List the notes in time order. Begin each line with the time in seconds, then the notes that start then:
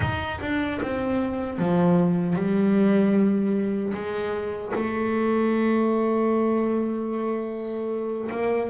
0.00 D#4
0.40 D4
0.82 C4
1.58 F3
2.35 G3
3.93 G#3
4.74 A3
8.31 A#3